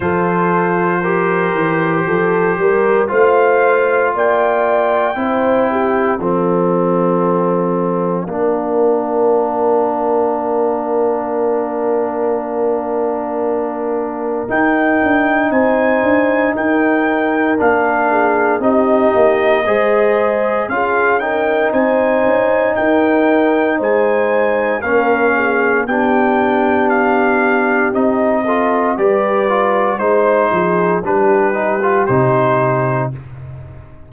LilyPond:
<<
  \new Staff \with { instrumentName = "trumpet" } { \time 4/4 \tempo 4 = 58 c''2. f''4 | g''2 f''2~ | f''1~ | f''2 g''4 gis''4 |
g''4 f''4 dis''2 | f''8 g''8 gis''4 g''4 gis''4 | f''4 g''4 f''4 dis''4 | d''4 c''4 b'4 c''4 | }
  \new Staff \with { instrumentName = "horn" } { \time 4/4 a'4 ais'4 a'8 ais'8 c''4 | d''4 c''8 g'8 a'2 | ais'1~ | ais'2. c''4 |
ais'4. gis'8 g'4 c''4 | gis'8 ais'8 c''4 ais'4 c''4 | ais'8 gis'8 g'2~ g'8 a'8 | b'4 c''8 gis'8 g'2 | }
  \new Staff \with { instrumentName = "trombone" } { \time 4/4 f'4 g'2 f'4~ | f'4 e'4 c'2 | d'1~ | d'2 dis'2~ |
dis'4 d'4 dis'4 gis'4 | f'8 dis'2.~ dis'8 | cis'4 d'2 dis'8 f'8 | g'8 f'8 dis'4 d'8 dis'16 f'16 dis'4 | }
  \new Staff \with { instrumentName = "tuba" } { \time 4/4 f4. e8 f8 g8 a4 | ais4 c'4 f2 | ais1~ | ais2 dis'8 d'8 c'8 d'8 |
dis'4 ais4 c'8 ais8 gis4 | cis'4 c'8 cis'8 dis'4 gis4 | ais4 b2 c'4 | g4 gis8 f8 g4 c4 | }
>>